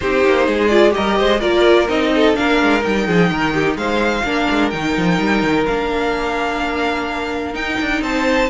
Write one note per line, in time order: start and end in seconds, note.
0.00 0.25 C4
0.00 0.70 D#4
0.00 0.46 G4
0.00 0.67 C5
0.25 0.47 A#3
0.46 0.95 G#3
0.46 0.93 G#4
0.67 0.90 F4
0.67 0.91 D5
0.90 1.37 G4
0.90 1.41 D#5
0.96 1.20 G3
0.96 1.18 A#4
1.18 1.42 G#3
1.18 1.40 C5
1.40 1.89 A#3
1.40 1.87 F4
1.40 2.11 A#4
1.40 1.88 D5
1.87 2.36 C4
1.87 2.34 D#4
1.87 2.35 D#5
2.14 2.38 A4
2.34 2.61 A#3
2.34 2.80 D4
2.34 3.06 A#4
2.34 2.82 F5
2.61 2.85 G#3
2.80 3.07 G3
2.80 4.21 D#4
2.80 3.76 G5
3.06 3.31 F3
3.06 3.30 G#4
3.31 3.76 D#3
3.31 3.53 A#4
3.53 3.77 G4
3.76 4.23 G#3
3.76 4.25 C5
3.76 4.70 F5
4.24 4.47 A#3
4.24 4.72 D4
4.24 8.03 A#4
4.50 4.73 G#3
4.70 4.97 D#3
4.70 5.67 D#4
4.70 5.64 G5
4.97 5.18 F3
5.18 5.42 G3
5.42 5.66 D#3
5.66 7.54 A#3
5.66 7.53 D4
5.66 7.54 F5
7.53 8.48 D#4
7.53 7.78 D#4
7.53 8.02 G5
7.80 8.01 D4
8.01 8.49 C4
8.01 8.49 C5
8.01 8.49 A5